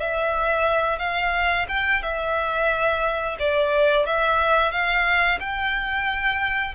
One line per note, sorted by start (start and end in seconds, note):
0.00 0.99 E5
0.99 1.66 F5
1.69 2.02 G5
2.03 3.37 E5
3.39 4.06 D5
4.06 4.72 E5
4.72 5.39 F5
5.40 6.75 G5